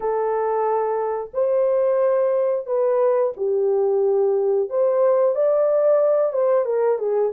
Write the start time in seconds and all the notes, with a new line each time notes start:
0.00 A4
1.33 C5
2.66 B4
3.36 G4
4.69 C5
5.35 D5
6.32 C5
6.65 A#4
6.98 G#4